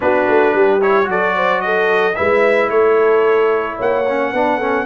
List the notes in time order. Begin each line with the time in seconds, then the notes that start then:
0.00 B3 D4 F#4 B4
0.27 A3
0.53 G3 G4
0.81 E4 C#5
1.04 F#3 F#4 A4 D5
1.35 C5
1.61 A4 D#5
2.15 G#3 E4 B4 E5
2.69 A3 A4 C#5
3.76 A#3 C#5 F#5
4.08 C#4
4.32 B3 D4 B4
4.57 C#4 A4